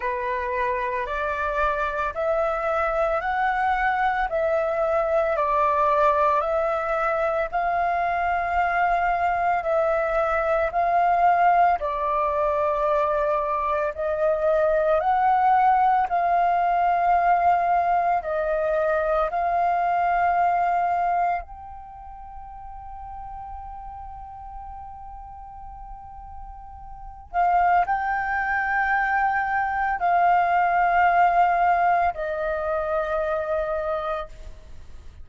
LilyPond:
\new Staff \with { instrumentName = "flute" } { \time 4/4 \tempo 4 = 56 b'4 d''4 e''4 fis''4 | e''4 d''4 e''4 f''4~ | f''4 e''4 f''4 d''4~ | d''4 dis''4 fis''4 f''4~ |
f''4 dis''4 f''2 | g''1~ | g''4. f''8 g''2 | f''2 dis''2 | }